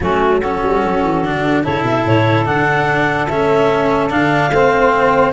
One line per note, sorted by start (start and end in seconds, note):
0.00 0.60 F#3
0.00 0.42 A3
0.00 0.40 C#4
0.00 0.40 F#4
0.40 1.24 C#4
0.40 1.63 F#4
0.40 1.63 A4
0.62 0.82 G3
0.84 1.03 F#3
1.03 1.21 E3
1.21 1.63 D3
1.21 1.63 D4
1.63 1.82 C#3
1.63 2.45 E4
1.63 4.50 A4
1.63 1.85 C#5
1.82 2.03 B2
1.82 2.05 E5
2.04 2.46 A2
2.04 2.46 C#5
2.45 3.29 D3
2.45 3.27 D4
2.45 3.28 F#5
3.28 4.11 A3
3.28 4.10 C#4
3.28 4.10 E5
4.10 4.49 D3
4.10 4.51 D4
4.10 5.32 F5
4.49 5.31 A3
4.49 5.32 C4
4.49 5.32 C5